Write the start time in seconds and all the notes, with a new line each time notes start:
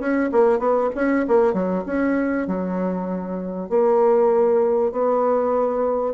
0.00 C#4
0.32 A#3
0.59 B3
0.95 C#4
1.28 A#3
1.53 F#3
1.86 C#4
2.47 F#3
3.70 A#3
4.92 B3